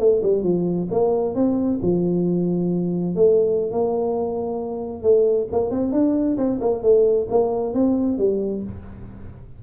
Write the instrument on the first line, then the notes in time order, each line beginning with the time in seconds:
tuba
0.00 A3
0.23 G3
0.43 F3
0.91 A#3
1.36 C4
1.83 F3
3.16 A3
3.72 A#3
5.03 A3
5.53 A#3
5.71 C4
5.93 D4
6.38 C4
6.61 A#3
6.83 A3
7.30 A#3
7.74 C4
8.19 G3